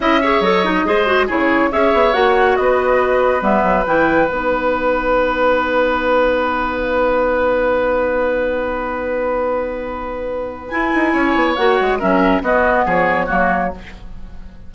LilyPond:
<<
  \new Staff \with { instrumentName = "flute" } { \time 4/4 \tempo 4 = 140 e''4 dis''2 cis''4 | e''4 fis''4 dis''2 | e''4 g''4 fis''2~ | fis''1~ |
fis''1~ | fis''1~ | fis''4 gis''2 fis''4 | e''4 dis''4 cis''2 | }
  \new Staff \with { instrumentName = "oboe" } { \time 4/4 dis''8 cis''4. c''4 gis'4 | cis''2 b'2~ | b'1~ | b'1~ |
b'1~ | b'1~ | b'2 cis''2 | ais'4 fis'4 gis'4 fis'4 | }
  \new Staff \with { instrumentName = "clarinet" } { \time 4/4 e'8 gis'8 a'8 dis'8 gis'8 fis'8 e'4 | gis'4 fis'2. | b4 e'4 dis'2~ | dis'1~ |
dis'1~ | dis'1~ | dis'4 e'2 fis'4 | cis'4 b2 ais4 | }
  \new Staff \with { instrumentName = "bassoon" } { \time 4/4 cis'4 fis4 gis4 cis4 | cis'8 b8 ais4 b2 | g8 fis8 e4 b2~ | b1~ |
b1~ | b1~ | b4 e'8 dis'8 cis'8 b8 ais8 gis8 | fis4 b4 f4 fis4 | }
>>